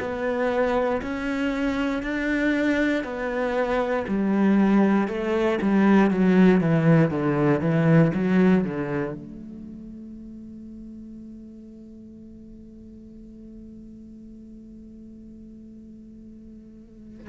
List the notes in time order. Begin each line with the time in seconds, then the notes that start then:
0.00 B3
1.02 C#4
2.03 D4
3.04 B3
4.08 G3
5.08 A3
5.62 G3
6.11 F#3
6.61 E3
7.10 D3
7.60 E3
8.14 F#3
8.64 D3
9.14 A3